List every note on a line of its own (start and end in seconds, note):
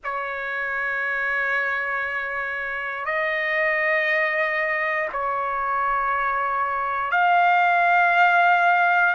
0.04 3.05 C#5
3.05 5.08 D#5
5.12 7.11 C#5
7.11 9.14 F5